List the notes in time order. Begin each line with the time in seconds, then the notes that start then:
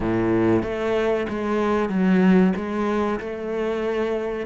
0.00 A2
0.62 A3
1.29 G#3
1.89 F#3
2.55 G#3
3.19 A3